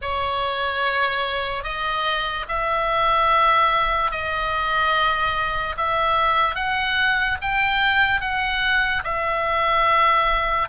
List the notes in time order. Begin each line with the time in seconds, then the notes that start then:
0.01 C#5
1.63 D#5
2.48 E5
4.11 D#5
5.77 E5
6.55 F#5
7.41 G5
8.20 F#5
9.04 E5